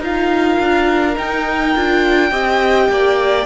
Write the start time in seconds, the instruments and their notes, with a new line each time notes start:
0.00 cello D#4, viola F4, violin A#4 F5
0.60 cello D4
1.15 viola D#4, cello D#4, violin G5
1.76 cello D4, viola F4
2.31 cello C4, viola G4, violin D#5
2.89 cello A#3, violin D5